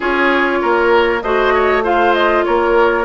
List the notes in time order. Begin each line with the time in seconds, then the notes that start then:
0.00 C#4 F4 G#4 C#5
0.61 A#3 A#4
1.22 A3 F#4 C5 D#5
1.53 C#5
1.82 F4 C5 F5
2.13 D#5
2.44 A#3 A#4 C#5